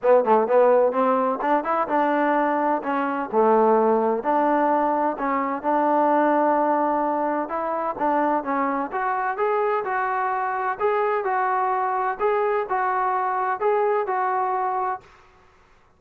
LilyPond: \new Staff \with { instrumentName = "trombone" } { \time 4/4 \tempo 4 = 128 b8 a8 b4 c'4 d'8 e'8 | d'2 cis'4 a4~ | a4 d'2 cis'4 | d'1 |
e'4 d'4 cis'4 fis'4 | gis'4 fis'2 gis'4 | fis'2 gis'4 fis'4~ | fis'4 gis'4 fis'2 | }